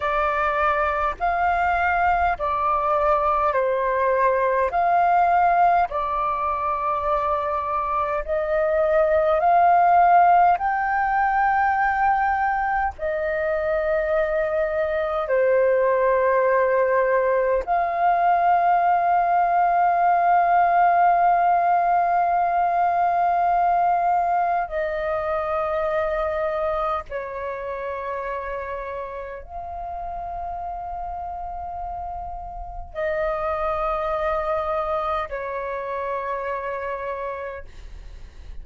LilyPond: \new Staff \with { instrumentName = "flute" } { \time 4/4 \tempo 4 = 51 d''4 f''4 d''4 c''4 | f''4 d''2 dis''4 | f''4 g''2 dis''4~ | dis''4 c''2 f''4~ |
f''1~ | f''4 dis''2 cis''4~ | cis''4 f''2. | dis''2 cis''2 | }